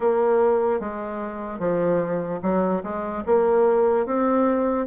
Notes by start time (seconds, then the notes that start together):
0.00 A#3
0.80 G#3
1.58 F3
2.42 F#3
2.83 G#3
3.25 A#3
4.05 C4